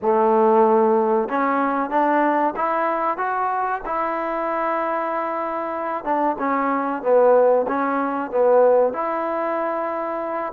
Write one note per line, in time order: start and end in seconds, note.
0.02 1.29 A3
1.29 1.90 C#4
1.90 2.54 D4
2.56 3.17 E4
3.17 3.81 F#4
3.85 6.04 E4
6.04 6.36 D4
6.38 7.02 C#4
7.02 7.66 B3
7.67 8.30 C#4
8.30 8.93 B3
8.93 10.52 E4